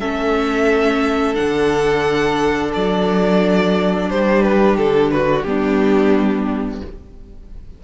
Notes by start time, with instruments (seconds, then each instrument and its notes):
0.00 cello A3, viola C#4, violin A4 E5
1.35 cello D3, viola D4, violin F#5
2.74 cello F#3, violin D5
4.10 cello G3, violin G4 C5
4.43 violin B4
4.78 cello D3, violin A4
5.11 violin F#4 B4
5.42 cello G3, viola B3, violin D4 G4